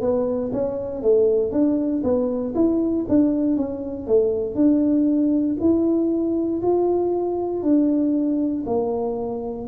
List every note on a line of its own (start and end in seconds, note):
0.00 0.51 B3
0.52 1.02 C#4
1.02 1.52 A3
1.52 2.02 D4
2.03 2.54 B3
2.54 3.05 E4
3.08 3.56 D4
3.56 4.07 C#4
4.07 4.54 A3
4.54 5.56 D4
5.60 6.61 E4
6.61 7.62 F4
7.62 8.64 D4
8.66 9.67 A#3